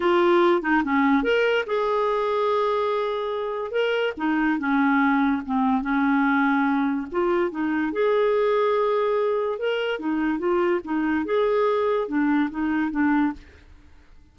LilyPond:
\new Staff \with { instrumentName = "clarinet" } { \time 4/4 \tempo 4 = 144 f'4. dis'8 cis'4 ais'4 | gis'1~ | gis'4 ais'4 dis'4 cis'4~ | cis'4 c'4 cis'2~ |
cis'4 f'4 dis'4 gis'4~ | gis'2. ais'4 | dis'4 f'4 dis'4 gis'4~ | gis'4 d'4 dis'4 d'4 | }